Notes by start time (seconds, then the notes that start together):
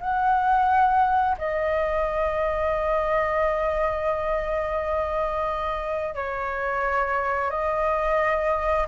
0.00 F#5
1.38 D#5
6.14 C#5
7.50 D#5